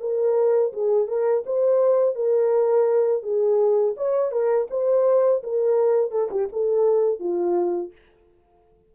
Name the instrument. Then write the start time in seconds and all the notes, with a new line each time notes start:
horn
0.00 A#4
0.73 G#4
1.07 A#4
1.46 C5
2.15 A#4
3.23 G#4
3.97 C#5
4.31 A#4
4.70 C5
5.43 A#4
6.11 A4
6.31 G4
6.52 A4
7.19 F4